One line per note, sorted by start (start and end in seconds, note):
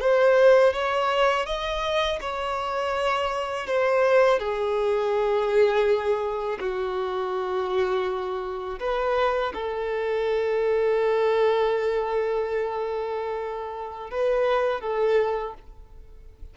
0.00 0.73 C5
0.73 1.46 C#5
1.46 2.19 D#5
2.20 3.67 C#5
3.67 4.39 C5
4.39 6.59 G#4
6.59 8.79 F#4
8.79 9.53 B4
9.54 14.10 A4
14.10 14.80 B4
14.80 15.54 A4